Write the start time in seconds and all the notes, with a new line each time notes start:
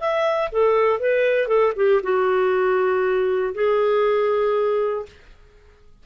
0.00 E5
0.52 A4
1.00 B4
1.48 A4
1.76 G4
2.03 F#4
3.54 G#4